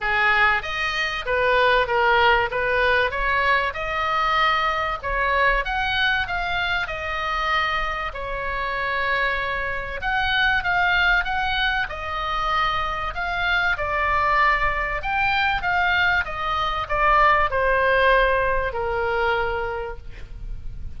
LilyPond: \new Staff \with { instrumentName = "oboe" } { \time 4/4 \tempo 4 = 96 gis'4 dis''4 b'4 ais'4 | b'4 cis''4 dis''2 | cis''4 fis''4 f''4 dis''4~ | dis''4 cis''2. |
fis''4 f''4 fis''4 dis''4~ | dis''4 f''4 d''2 | g''4 f''4 dis''4 d''4 | c''2 ais'2 | }